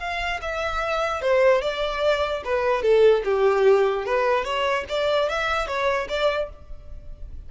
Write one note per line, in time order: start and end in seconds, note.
0.00 0.41 F5
0.42 1.22 E5
1.22 1.62 C5
1.62 2.43 D5
2.45 2.83 B4
2.83 3.23 A4
3.25 4.06 G4
4.06 4.45 B4
4.45 4.85 C#5
4.89 5.30 D5
5.30 5.68 E5
5.68 6.08 C#5
6.09 6.50 D5